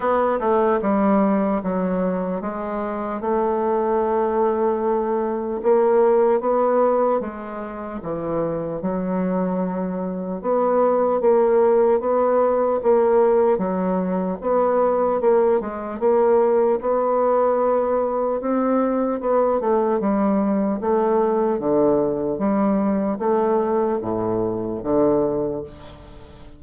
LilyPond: \new Staff \with { instrumentName = "bassoon" } { \time 4/4 \tempo 4 = 75 b8 a8 g4 fis4 gis4 | a2. ais4 | b4 gis4 e4 fis4~ | fis4 b4 ais4 b4 |
ais4 fis4 b4 ais8 gis8 | ais4 b2 c'4 | b8 a8 g4 a4 d4 | g4 a4 a,4 d4 | }